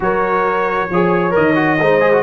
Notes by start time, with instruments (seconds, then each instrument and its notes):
0.00 tuba F#3, trombone F#4, horn A#4, trumpet C#5
0.90 tuba F3, trombone G#4, horn C#5
1.30 tuba D#3, trombone A#4, trumpet D#5
1.55 trombone F#4
1.80 tuba G#3, trombone D#4, horn C5
2.00 trombone G#4
2.12 trombone F#4